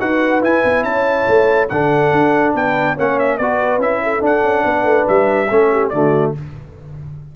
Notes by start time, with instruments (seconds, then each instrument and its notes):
0.00 tuba D#4, trombone F#4, horn B4, trumpet F#5
0.41 trombone E4, tuba E4, trumpet G#5
0.64 tuba B3
0.83 tuba C#4, horn C#5, trumpet A5
1.27 tuba A3
1.69 tuba D3, trombone D4, horn A4, trumpet F#5
2.12 tuba D4
2.54 tuba B3, horn B4, trumpet G5
2.94 tuba A#3, trombone C#4, horn C#5, trumpet F#5
3.19 trumpet E5
3.37 tuba B3, trombone F#4, horn B4, trumpet D5
3.78 tuba C#4, trombone E4, trumpet E5
4.03 horn A4
4.20 trombone D4, tuba D4, trumpet F#5
4.43 tuba C#4
4.64 tuba B3, horn B4
4.84 tuba A3
5.08 tuba G3, trumpet E5
5.50 tuba A3, trombone C#4, horn A4
5.72 horn G4
5.89 tuba D3, trombone A3, horn F#4, trumpet D5